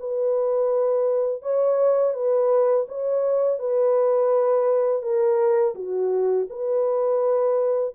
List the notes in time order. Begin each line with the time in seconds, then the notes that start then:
0.00 B4
1.42 C#5
2.14 B4
2.88 C#5
3.59 B4
5.02 A#4
5.75 F#4
6.50 B4